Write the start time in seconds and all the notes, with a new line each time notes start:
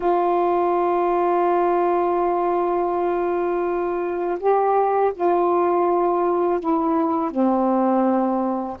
0.00 F4
4.39 G4
5.14 F4
6.60 E4
7.30 C4